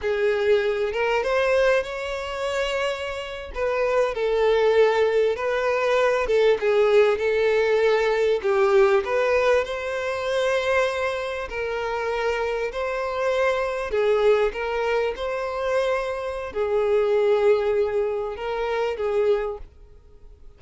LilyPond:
\new Staff \with { instrumentName = "violin" } { \time 4/4 \tempo 4 = 98 gis'4. ais'8 c''4 cis''4~ | cis''4.~ cis''16 b'4 a'4~ a'16~ | a'8. b'4. a'8 gis'4 a'16~ | a'4.~ a'16 g'4 b'4 c''16~ |
c''2~ c''8. ais'4~ ais'16~ | ais'8. c''2 gis'4 ais'16~ | ais'8. c''2~ c''16 gis'4~ | gis'2 ais'4 gis'4 | }